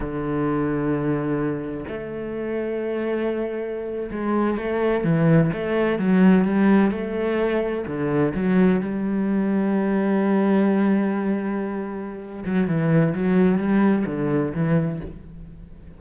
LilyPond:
\new Staff \with { instrumentName = "cello" } { \time 4/4 \tempo 4 = 128 d1 | a1~ | a8. gis4 a4 e4 a16~ | a8. fis4 g4 a4~ a16~ |
a8. d4 fis4 g4~ g16~ | g1~ | g2~ g8 fis8 e4 | fis4 g4 d4 e4 | }